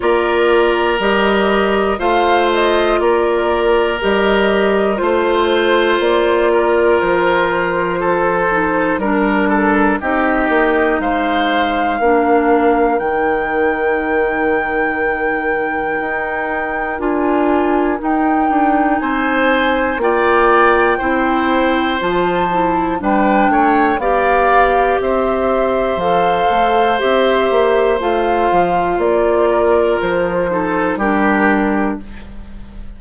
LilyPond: <<
  \new Staff \with { instrumentName = "flute" } { \time 4/4 \tempo 4 = 60 d''4 dis''4 f''8 dis''8 d''4 | dis''4 c''4 d''4 c''4~ | c''4 ais'4 dis''4 f''4~ | f''4 g''2.~ |
g''4 gis''4 g''4 gis''4 | g''2 a''4 g''4 | f''4 e''4 f''4 e''4 | f''4 d''4 c''4 ais'4 | }
  \new Staff \with { instrumentName = "oboe" } { \time 4/4 ais'2 c''4 ais'4~ | ais'4 c''4. ais'4. | a'4 ais'8 a'8 g'4 c''4 | ais'1~ |
ais'2. c''4 | d''4 c''2 b'8 cis''8 | d''4 c''2.~ | c''4. ais'4 a'8 g'4 | }
  \new Staff \with { instrumentName = "clarinet" } { \time 4/4 f'4 g'4 f'2 | g'4 f'2.~ | f'8 dis'8 d'4 dis'2 | d'4 dis'2.~ |
dis'4 f'4 dis'2 | f'4 e'4 f'8 e'8 d'4 | g'2 a'4 g'4 | f'2~ f'8 dis'8 d'4 | }
  \new Staff \with { instrumentName = "bassoon" } { \time 4/4 ais4 g4 a4 ais4 | g4 a4 ais4 f4~ | f4 g4 c'8 ais8 gis4 | ais4 dis2. |
dis'4 d'4 dis'8 d'8 c'4 | ais4 c'4 f4 g8 a8 | b4 c'4 f8 a8 c'8 ais8 | a8 f8 ais4 f4 g4 | }
>>